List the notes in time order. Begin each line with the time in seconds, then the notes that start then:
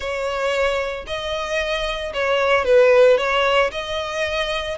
0.00 C#5
1.06 D#5
2.13 C#5
2.64 B4
3.17 C#5
3.71 D#5